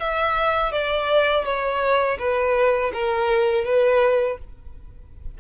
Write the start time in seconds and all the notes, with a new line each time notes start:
0.00 E5
0.72 D5
1.45 C#5
2.19 B4
2.93 A#4
3.65 B4